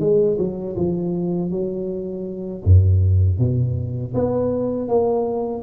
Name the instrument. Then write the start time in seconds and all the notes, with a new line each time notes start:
tuba
0.00 G#3
0.39 F#3
0.77 F3
1.51 F#3
2.65 F#2
3.39 B2
4.15 B3
4.89 A#3